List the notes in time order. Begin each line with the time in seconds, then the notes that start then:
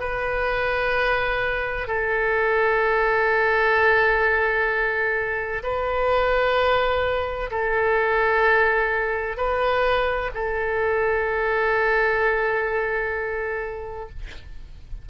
0.00 B4
1.87 A4
5.63 B4
7.51 A4
9.37 B4
10.35 A4